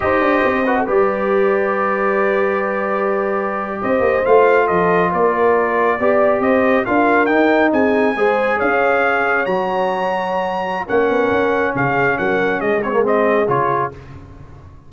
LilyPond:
<<
  \new Staff \with { instrumentName = "trumpet" } { \time 4/4 \tempo 4 = 138 dis''2 d''2~ | d''1~ | d''8. dis''4 f''4 dis''4 d''16~ | d''2~ d''8. dis''4 f''16~ |
f''8. g''4 gis''2 f''16~ | f''4.~ f''16 ais''2~ ais''16~ | ais''4 fis''2 f''4 | fis''4 dis''8 cis''8 dis''4 cis''4 | }
  \new Staff \with { instrumentName = "horn" } { \time 4/4 c''4. b'16 a'16 b'2~ | b'1~ | b'8. c''2 a'4 ais'16~ | ais'4.~ ais'16 d''4 c''4 ais'16~ |
ais'4.~ ais'16 gis'4 c''4 cis''16~ | cis''1~ | cis''4 ais'2 gis'4 | ais'4 gis'2. | }
  \new Staff \with { instrumentName = "trombone" } { \time 4/4 g'4. fis'8 g'2~ | g'1~ | g'4.~ g'16 f'2~ f'16~ | f'4.~ f'16 g'2 f'16~ |
f'8. dis'2 gis'4~ gis'16~ | gis'4.~ gis'16 fis'2~ fis'16~ | fis'4 cis'2.~ | cis'4. c'16 ais16 c'4 f'4 | }
  \new Staff \with { instrumentName = "tuba" } { \time 4/4 dis'8 d'8 c'4 g2~ | g1~ | g8. c'8 ais8 a4 f4 ais16~ | ais4.~ ais16 b4 c'4 d'16~ |
d'8. dis'4 c'4 gis4 cis'16~ | cis'4.~ cis'16 fis2~ fis16~ | fis4 ais8 b8 cis'4 cis4 | fis4 gis2 cis4 | }
>>